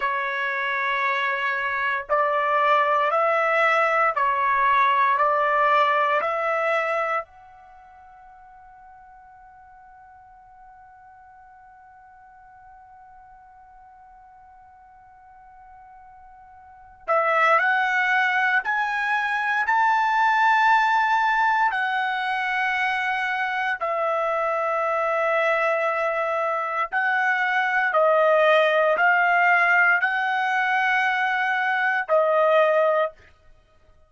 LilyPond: \new Staff \with { instrumentName = "trumpet" } { \time 4/4 \tempo 4 = 58 cis''2 d''4 e''4 | cis''4 d''4 e''4 fis''4~ | fis''1~ | fis''1~ |
fis''8 e''8 fis''4 gis''4 a''4~ | a''4 fis''2 e''4~ | e''2 fis''4 dis''4 | f''4 fis''2 dis''4 | }